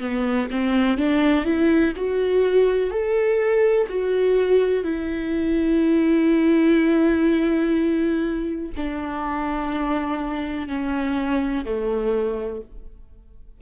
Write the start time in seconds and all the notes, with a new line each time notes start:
0.00 B3
0.51 C4
0.98 D4
1.45 E4
1.97 F#4
2.91 A4
3.89 F#4
4.84 E4
8.77 D4
10.68 C#4
11.65 A3